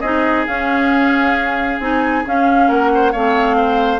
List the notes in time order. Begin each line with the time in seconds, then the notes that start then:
0.00 C4 D#4 G#4 D#5
0.46 C#4 F5
1.79 C4 D#4 G#5
2.25 C#4 F5
2.67 A#3 A#4 F#5
2.94 C5
3.12 A3 C4 C#5 F5
3.57 C5